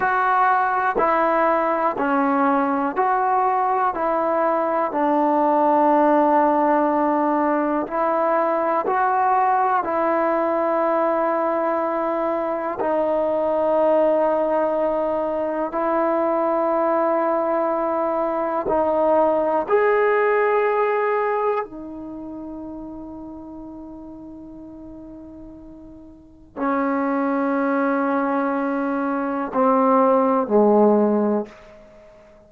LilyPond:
\new Staff \with { instrumentName = "trombone" } { \time 4/4 \tempo 4 = 61 fis'4 e'4 cis'4 fis'4 | e'4 d'2. | e'4 fis'4 e'2~ | e'4 dis'2. |
e'2. dis'4 | gis'2 dis'2~ | dis'2. cis'4~ | cis'2 c'4 gis4 | }